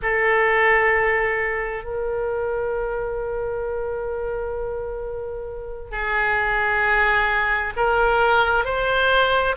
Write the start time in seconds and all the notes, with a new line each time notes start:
0.02 A4
1.83 A#4
5.91 G#4
7.76 A#4
8.64 C5